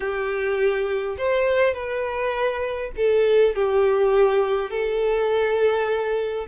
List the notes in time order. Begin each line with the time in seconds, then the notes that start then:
0.00 G4
1.17 C5
1.74 B4
2.96 A4
3.55 G4
4.70 A4